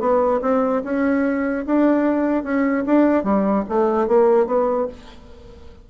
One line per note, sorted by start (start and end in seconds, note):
0.00 0.41 B3
0.42 0.82 C4
0.84 1.65 C#4
1.66 2.44 D4
2.44 2.84 C#4
2.86 3.24 D4
3.24 3.64 G3
3.69 4.08 A3
4.08 4.46 A#3
4.46 4.87 B3